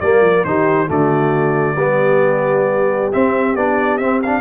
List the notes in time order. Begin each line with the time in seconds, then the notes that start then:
0.00 G3 A#3 A#4 D5
0.21 F3
0.44 D#3 D#4 G4 C5
0.87 D3 A3 F#4 D5
1.76 G3 B3 G4
3.12 C4 E5
3.55 B3 D4 D5
3.97 C4 E5
4.22 D4 F5